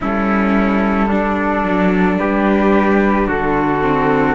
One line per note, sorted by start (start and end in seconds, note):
0.00 1.63 G3
0.00 1.10 C#4
0.00 1.08 E4
0.00 2.18 A4
1.08 2.17 D4
1.08 3.81 D4
1.63 2.17 F#3
2.18 3.27 G3
2.18 3.27 G4
2.18 3.27 B4
3.27 4.34 D3
3.27 4.34 F#4
3.27 4.34 A4
3.81 4.34 C4